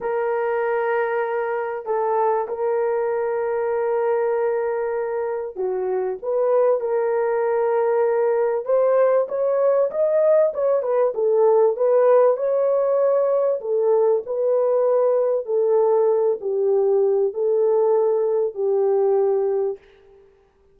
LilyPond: \new Staff \with { instrumentName = "horn" } { \time 4/4 \tempo 4 = 97 ais'2. a'4 | ais'1~ | ais'4 fis'4 b'4 ais'4~ | ais'2 c''4 cis''4 |
dis''4 cis''8 b'8 a'4 b'4 | cis''2 a'4 b'4~ | b'4 a'4. g'4. | a'2 g'2 | }